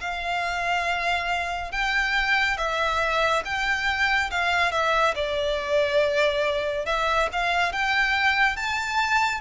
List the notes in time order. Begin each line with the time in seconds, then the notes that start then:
0.00 F5
1.71 G5
2.57 E5
3.44 G5
4.31 F5
4.71 E5
5.15 D5
6.85 E5
7.32 F5
7.72 G5
8.56 A5